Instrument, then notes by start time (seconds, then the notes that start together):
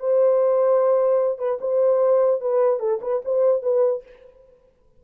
horn
0.00 C5
1.39 B4
1.61 C5
2.41 B4
2.80 A4
3.02 B4
3.25 C5
3.63 B4